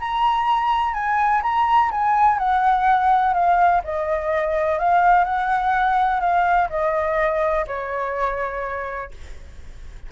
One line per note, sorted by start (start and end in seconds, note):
0.00 0.94 A#5
0.94 1.42 G#5
1.43 1.91 A#5
1.92 2.39 G#5
2.39 3.34 F#5
3.34 3.82 F5
3.84 4.79 D#5
4.79 5.25 F5
5.25 6.21 F#5
6.21 6.69 F5
6.70 7.66 D#5
7.67 9.11 C#5